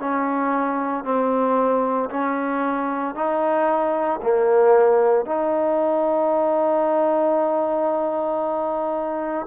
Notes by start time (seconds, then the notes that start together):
0.00 C#4
1.04 C4
2.10 C#4
3.15 D#4
4.22 A#3
5.25 D#4